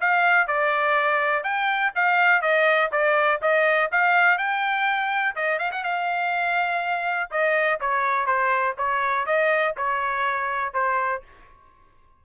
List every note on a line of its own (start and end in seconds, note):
0.00 0.47 F5
0.47 1.43 D5
1.43 1.92 G5
1.95 2.41 F5
2.41 2.90 D#5
2.92 3.40 D5
3.41 3.90 D#5
3.91 4.37 F5
4.37 5.35 G5
5.35 5.59 D#5
5.59 5.71 F5
5.71 5.83 F#5
5.83 7.30 F5
7.31 7.79 D#5
7.80 8.26 C#5
8.26 8.75 C5
8.77 9.25 C#5
9.25 9.74 D#5
9.76 10.73 C#5
10.73 11.22 C5